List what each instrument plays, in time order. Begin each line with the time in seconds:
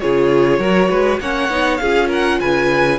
0.00 cello C#3, viola F4, violin G#4 C#5
0.59 cello F#3, viola F#4, violin A#4
0.89 cello G#3, violin B4
1.20 cello A#3, viola C#4, violin C#5 F#5
1.49 cello B3, viola D#4
1.77 cello C#4, viola F4, violin G#4 F5
2.08 violin A#4 F#5
2.40 cello C#3, violin B4 G#5